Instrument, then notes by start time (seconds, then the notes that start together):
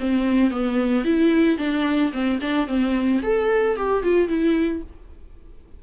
viola
0.00 C4
0.51 B3
1.05 E4
1.58 D4
2.13 C4
2.41 D4
2.68 C4
3.23 A4
3.77 G4
4.03 F4
4.29 E4